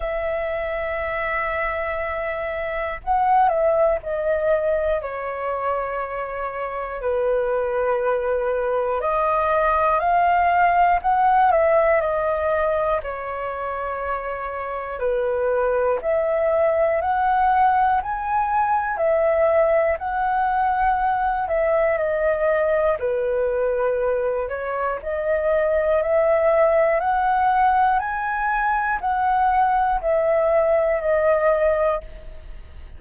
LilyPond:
\new Staff \with { instrumentName = "flute" } { \time 4/4 \tempo 4 = 60 e''2. fis''8 e''8 | dis''4 cis''2 b'4~ | b'4 dis''4 f''4 fis''8 e''8 | dis''4 cis''2 b'4 |
e''4 fis''4 gis''4 e''4 | fis''4. e''8 dis''4 b'4~ | b'8 cis''8 dis''4 e''4 fis''4 | gis''4 fis''4 e''4 dis''4 | }